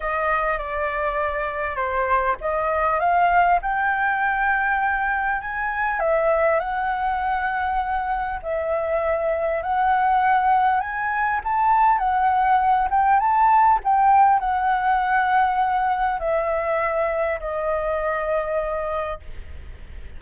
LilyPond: \new Staff \with { instrumentName = "flute" } { \time 4/4 \tempo 4 = 100 dis''4 d''2 c''4 | dis''4 f''4 g''2~ | g''4 gis''4 e''4 fis''4~ | fis''2 e''2 |
fis''2 gis''4 a''4 | fis''4. g''8 a''4 g''4 | fis''2. e''4~ | e''4 dis''2. | }